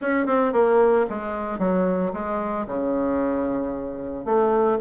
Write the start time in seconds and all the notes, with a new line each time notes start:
0.01 C#4
0.26 C4
0.52 A#3
1.09 G#3
1.59 F#3
2.13 G#3
2.67 C#3
4.25 A3